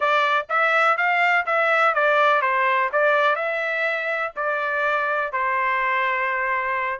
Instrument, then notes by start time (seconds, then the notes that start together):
trumpet
0.00 D5
0.49 E5
0.97 F5
1.46 E5
1.94 D5
2.41 C5
2.92 D5
3.35 E5
4.36 D5
5.32 C5